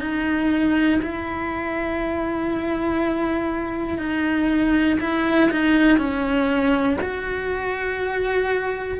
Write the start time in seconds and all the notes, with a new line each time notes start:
0.00 D#4
1.02 E4
3.99 D#4
5.00 E4
5.51 D#4
5.98 C#4
7.01 F#4